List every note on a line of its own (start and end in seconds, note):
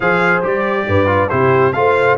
0.00 0.41 F3
0.00 0.42 G#4
0.00 0.85 C5
0.00 0.43 F5
0.42 0.86 G3
0.42 1.06 G4
0.42 1.29 D5
0.87 1.30 G2
0.87 1.29 B4
1.06 1.28 F4
1.29 1.74 C3
1.29 1.73 E4
1.29 1.73 G4
1.29 1.72 C5
1.72 2.17 A3
1.72 2.17 F4
1.72 2.17 C5
1.72 2.16 F5